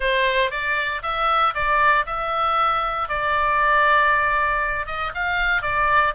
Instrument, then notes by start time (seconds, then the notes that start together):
oboe
0.00 C5
0.50 D5
1.02 E5
1.54 D5
2.06 E5
3.08 D5
4.86 D#5
5.14 F5
5.62 D5